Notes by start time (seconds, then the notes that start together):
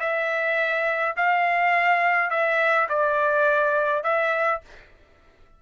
0.00 E5
1.17 F5
2.30 E5
2.89 D5
4.03 E5